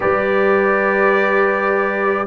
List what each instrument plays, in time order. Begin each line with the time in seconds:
0.00 tuba G3, trombone G4, horn B4, trumpet D5